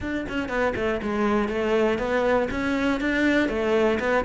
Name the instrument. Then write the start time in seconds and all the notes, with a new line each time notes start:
cello
0.00 D4
0.28 C#4
0.48 B3
0.75 A3
1.02 G#3
1.48 A3
1.98 B3
2.50 C#4
3.00 D4
3.48 A3
3.99 B3